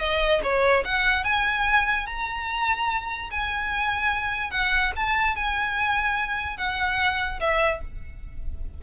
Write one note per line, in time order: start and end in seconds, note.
0.00 0.41 D#5
0.44 0.85 C#5
0.85 1.25 F#5
1.25 2.07 G#5
2.07 3.30 A#5
3.31 4.51 G#5
4.51 4.92 F#5
4.97 5.36 A5
5.36 6.58 G#5
6.58 7.40 F#5
7.40 7.82 E5